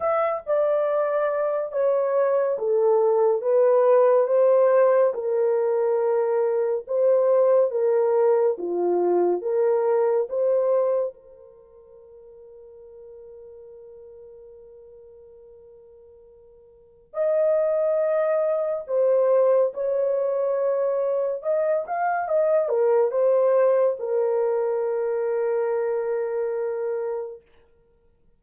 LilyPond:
\new Staff \with { instrumentName = "horn" } { \time 4/4 \tempo 4 = 70 e''8 d''4. cis''4 a'4 | b'4 c''4 ais'2 | c''4 ais'4 f'4 ais'4 | c''4 ais'2.~ |
ais'1 | dis''2 c''4 cis''4~ | cis''4 dis''8 f''8 dis''8 ais'8 c''4 | ais'1 | }